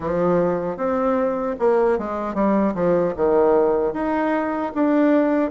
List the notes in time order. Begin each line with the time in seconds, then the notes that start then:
0.00 F3
0.76 C4
1.59 A#3
1.98 G#3
2.34 G3
2.74 F3
3.16 D#3
3.93 D#4
4.74 D4